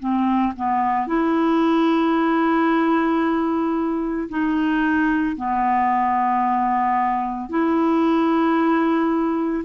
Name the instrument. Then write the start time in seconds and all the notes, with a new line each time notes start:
clarinet
0.00 C4
0.56 B3
1.08 E4
4.29 D#4
5.37 B3
7.50 E4